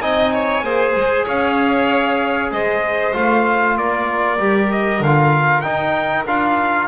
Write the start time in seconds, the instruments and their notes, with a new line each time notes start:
0.00 double bass C4, trombone D#4, violin D#5, trumpet G#5
0.33 violin C#5
0.63 double bass A#3, trombone G#4, violin C5
0.95 double bass G#3
1.25 double bass C#4, violin C#5, trumpet F5
2.52 double bass G#3, violin C5, trumpet D#5
3.13 double bass A3, trombone F4, trumpet F5
3.77 double bass A#3, violin A#4, trumpet D5
4.38 double bass G3, trombone G4
4.71 trumpet D#5
5.00 double bass D3, trumpet F5
5.06 trombone F4
5.61 trombone D#4, double bass D#4, trumpet G5
6.25 double bass D4, trombone F4, trumpet F5